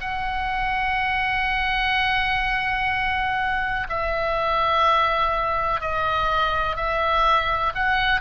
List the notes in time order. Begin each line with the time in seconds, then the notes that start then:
0.00 F#5
3.89 E5
5.80 D#5
6.76 E5
7.75 F#5